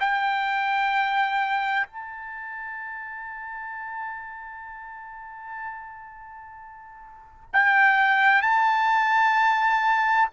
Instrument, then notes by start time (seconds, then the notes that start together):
trumpet
0.00 G5
1.87 A5
7.53 G5
8.42 A5